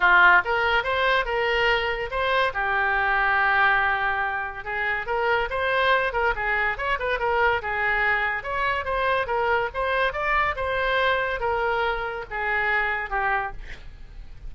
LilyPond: \new Staff \with { instrumentName = "oboe" } { \time 4/4 \tempo 4 = 142 f'4 ais'4 c''4 ais'4~ | ais'4 c''4 g'2~ | g'2. gis'4 | ais'4 c''4. ais'8 gis'4 |
cis''8 b'8 ais'4 gis'2 | cis''4 c''4 ais'4 c''4 | d''4 c''2 ais'4~ | ais'4 gis'2 g'4 | }